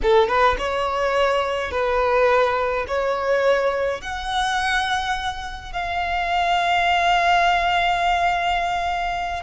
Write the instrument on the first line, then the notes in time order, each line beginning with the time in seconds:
violin
0.02 A4
0.28 B4
0.58 C#5
1.71 B4
2.87 C#5
4.01 F#5
5.72 F5